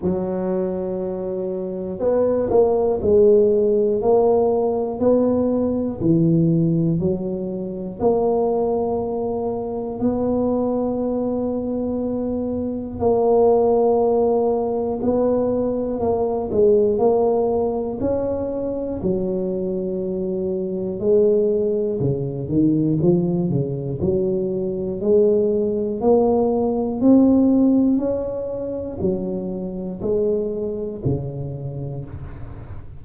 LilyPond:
\new Staff \with { instrumentName = "tuba" } { \time 4/4 \tempo 4 = 60 fis2 b8 ais8 gis4 | ais4 b4 e4 fis4 | ais2 b2~ | b4 ais2 b4 |
ais8 gis8 ais4 cis'4 fis4~ | fis4 gis4 cis8 dis8 f8 cis8 | fis4 gis4 ais4 c'4 | cis'4 fis4 gis4 cis4 | }